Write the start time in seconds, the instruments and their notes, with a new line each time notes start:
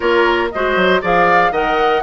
0.00 bassoon A#3, clarinet F4, oboe A#4, flute C#5
0.51 bassoon G#3, clarinet F#4, oboe C5, flute D#5
0.76 bassoon F#3
1.01 bassoon F3, clarinet G#4, oboe D5, flute F5
1.51 bassoon D#3, clarinet A#4, oboe D#5, flute F#5